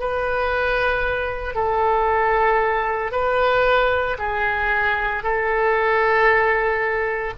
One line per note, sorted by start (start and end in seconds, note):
0.00 1.55 B4
1.55 3.12 A4
3.12 4.18 B4
4.19 5.23 G#4
5.23 7.34 A4